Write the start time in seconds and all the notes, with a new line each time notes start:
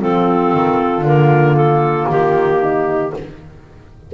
0.00 F3 C4 F4 A4
0.54 D#3
1.02 D3 A#3 A#4
1.56 A4
2.10 D#3 G4
2.62 D#4